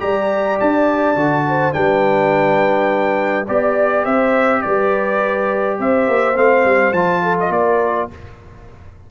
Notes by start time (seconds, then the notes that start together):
0.00 G3 G4 D5 A#5
0.60 D4 A5
1.16 D3 F#4
1.49 C5
1.73 G3 D4 B4 G5
3.48 B3 G4 D5
4.04 C4 C5 E5
4.62 G3 B4 D5
5.79 C4 C5 E5
6.08 A#3
6.35 A3 C4 F5
6.65 G3
6.93 F3 F4 A5
7.23 A4
7.40 D#5
7.50 A#3 A#4 D5